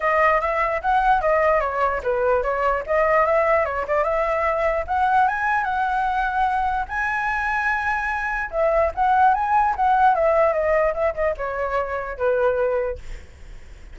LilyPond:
\new Staff \with { instrumentName = "flute" } { \time 4/4 \tempo 4 = 148 dis''4 e''4 fis''4 dis''4 | cis''4 b'4 cis''4 dis''4 | e''4 cis''8 d''8 e''2 | fis''4 gis''4 fis''2~ |
fis''4 gis''2.~ | gis''4 e''4 fis''4 gis''4 | fis''4 e''4 dis''4 e''8 dis''8 | cis''2 b'2 | }